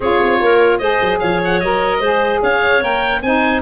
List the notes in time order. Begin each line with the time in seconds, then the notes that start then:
0.00 C#4 F4 G#4 C#5
0.21 C4
0.40 A#3 A#4
0.78 G#3 G#4 C5 D#5
1.01 F#3
1.19 F3 C#5 F5
1.44 F#5
1.60 F#3 A#4 D#5
1.99 G#3 G#4 C5
2.42 C#4 C#5 F5
2.81 A#3 A#4 G5
3.22 C4 D#4 C5 G#5